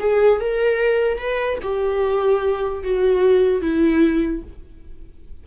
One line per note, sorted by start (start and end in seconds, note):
0.00 0.41 G#4
0.41 1.18 A#4
1.18 1.59 B4
1.63 2.84 G4
2.84 3.62 F#4
3.62 4.43 E4